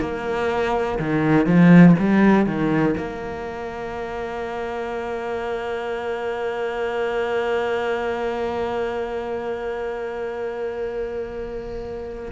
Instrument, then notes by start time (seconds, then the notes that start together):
cello
0.00 A#3
0.99 D#3
1.46 F3
1.99 G3
2.46 D#3
2.97 A#3